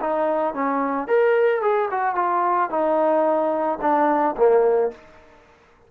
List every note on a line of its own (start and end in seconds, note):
0.00 0.54 D#4
0.54 1.07 C#4
1.07 1.61 A#4
1.61 1.88 G#4
1.90 2.15 F#4
2.15 2.70 F4
2.70 3.79 D#4
3.81 4.35 D4
4.36 4.91 A#3